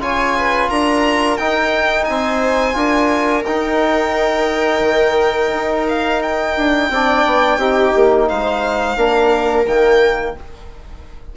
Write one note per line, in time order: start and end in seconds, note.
0.00 0.69 C#3
0.00 1.38 F4
0.00 0.37 C#5
0.00 0.70 G#5
0.37 0.70 B4
0.70 1.39 D4
0.70 2.08 A#4
0.70 1.37 A#5
1.37 2.08 D#4
1.37 2.73 D#4
1.37 2.05 G5
2.05 2.75 C4
2.05 2.77 C5
2.05 3.43 G#5
2.73 3.44 D4
2.73 3.42 F4
2.73 6.91 A#4
3.46 4.80 D#4
3.46 6.93 D#4
3.46 5.87 G5
4.80 5.49 D#3
5.54 6.57 D#4
5.88 6.22 F5
6.22 8.28 G5
6.57 6.90 D4
6.90 7.24 C4
6.90 7.60 D4
6.90 7.58 D5
7.26 7.57 B3
7.57 7.92 C4
7.57 8.97 D#4
7.57 8.27 G4
7.95 8.30 A#3
8.28 8.97 G#3
8.28 8.98 C5
8.28 9.66 F5
8.97 9.66 A#3
8.97 9.66 D4
8.97 10.36 A#4
9.66 10.35 D#3
9.66 10.36 A#3
9.66 10.36 G5